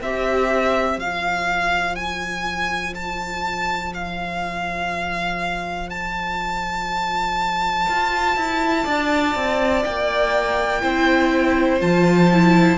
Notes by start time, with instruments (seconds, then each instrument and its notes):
0.00 cello C4, viola G4, violin C5 E5
0.98 cello F3, viola F4, violin F5
1.95 violin G#5
2.94 violin A5
3.94 violin F5
5.90 violin A5
7.88 cello F4
8.36 cello E4
8.85 cello D4, violin D5
9.35 cello C4
9.84 cello A#3, violin G5
10.83 cello C4, viola E4, violin C5
11.80 cello F3, viola F4, violin A5
12.32 viola E4